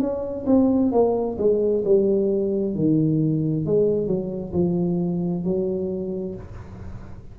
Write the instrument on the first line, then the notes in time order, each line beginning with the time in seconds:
tuba
0.00 C#4
0.47 C4
0.92 A#3
1.39 G#3
1.85 G3
2.76 D#3
3.66 G#3
4.07 F#3
4.53 F3
5.44 F#3